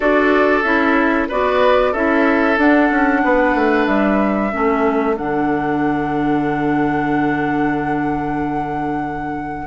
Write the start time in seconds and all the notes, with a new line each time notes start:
0.00 D4 F#4 A4 D5
0.62 C#4 E4 E5
1.28 B3 F#4 B4 D5
1.92 C#4 E4 A4 E5
2.57 D4 F#5
2.90 C#4
3.24 B3 B4
3.54 A3
3.86 G3 E5
4.51 A3 C#4 A4
5.17 D3 D4 F#5